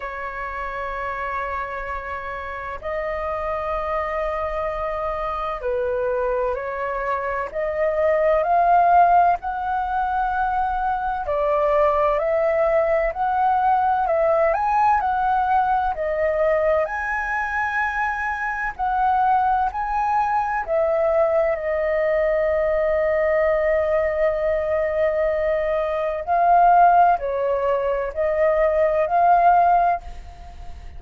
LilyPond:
\new Staff \with { instrumentName = "flute" } { \time 4/4 \tempo 4 = 64 cis''2. dis''4~ | dis''2 b'4 cis''4 | dis''4 f''4 fis''2 | d''4 e''4 fis''4 e''8 gis''8 |
fis''4 dis''4 gis''2 | fis''4 gis''4 e''4 dis''4~ | dis''1 | f''4 cis''4 dis''4 f''4 | }